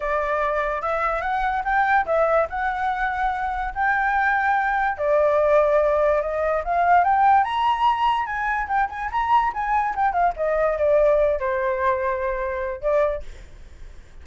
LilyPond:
\new Staff \with { instrumentName = "flute" } { \time 4/4 \tempo 4 = 145 d''2 e''4 fis''4 | g''4 e''4 fis''2~ | fis''4 g''2. | d''2. dis''4 |
f''4 g''4 ais''2 | gis''4 g''8 gis''8 ais''4 gis''4 | g''8 f''8 dis''4 d''4. c''8~ | c''2. d''4 | }